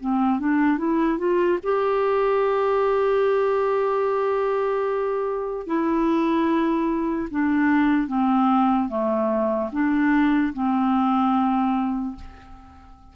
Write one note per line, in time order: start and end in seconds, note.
0.00 0.39 C4
0.39 0.78 D4
0.78 1.18 E4
1.18 1.58 F4
1.63 5.66 G4
5.66 7.29 E4
7.30 8.07 D4
8.07 8.89 C4
8.89 9.70 A3
9.72 10.53 D4
10.53 12.15 C4